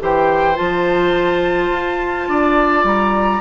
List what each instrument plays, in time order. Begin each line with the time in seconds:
0.00 bassoon E3, clarinet G4, oboe C5, flute G5
0.55 bassoon F3, clarinet F4, flute A5
1.70 bassoon F4
2.28 bassoon D4, oboe D5
2.84 bassoon G3, flute A#5